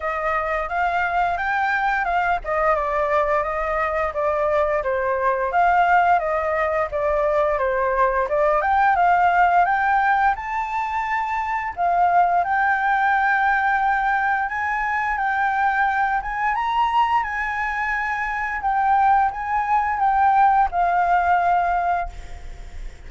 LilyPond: \new Staff \with { instrumentName = "flute" } { \time 4/4 \tempo 4 = 87 dis''4 f''4 g''4 f''8 dis''8 | d''4 dis''4 d''4 c''4 | f''4 dis''4 d''4 c''4 | d''8 g''8 f''4 g''4 a''4~ |
a''4 f''4 g''2~ | g''4 gis''4 g''4. gis''8 | ais''4 gis''2 g''4 | gis''4 g''4 f''2 | }